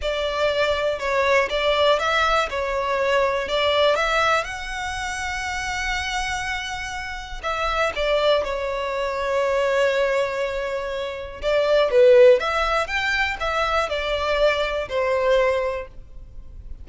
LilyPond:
\new Staff \with { instrumentName = "violin" } { \time 4/4 \tempo 4 = 121 d''2 cis''4 d''4 | e''4 cis''2 d''4 | e''4 fis''2.~ | fis''2. e''4 |
d''4 cis''2.~ | cis''2. d''4 | b'4 e''4 g''4 e''4 | d''2 c''2 | }